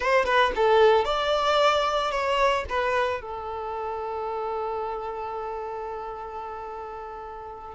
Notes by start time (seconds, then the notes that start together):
0.00 C5
0.25 B4
0.55 A4
1.04 D5
2.11 C#5
2.69 B4
3.21 A4